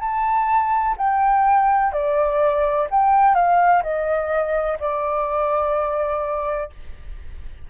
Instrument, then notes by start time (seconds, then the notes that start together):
flute
0.00 A5
0.97 G5
1.92 D5
2.90 G5
3.35 F5
3.83 D#5
4.80 D5